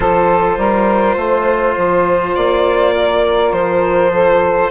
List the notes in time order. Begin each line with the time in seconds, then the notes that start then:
0.00 F3 F4 A4 C5
0.57 G3 A#4
1.16 A3 C5
1.77 F3
2.35 A#3 D5
2.96 A#4
3.52 F3 C5
4.11 A4